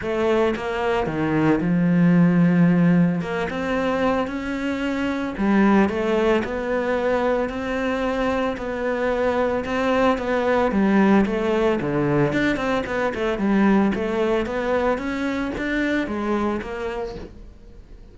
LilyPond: \new Staff \with { instrumentName = "cello" } { \time 4/4 \tempo 4 = 112 a4 ais4 dis4 f4~ | f2 ais8 c'4. | cis'2 g4 a4 | b2 c'2 |
b2 c'4 b4 | g4 a4 d4 d'8 c'8 | b8 a8 g4 a4 b4 | cis'4 d'4 gis4 ais4 | }